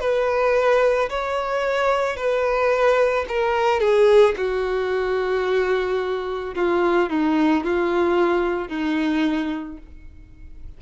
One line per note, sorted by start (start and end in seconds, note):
0.00 1.09 B4
1.10 2.16 C#5
2.16 3.25 B4
3.29 3.80 A#4
3.80 4.35 G#4
4.37 6.55 F#4
6.56 7.10 F4
7.10 7.64 D#4
7.64 8.69 F4
8.69 9.78 D#4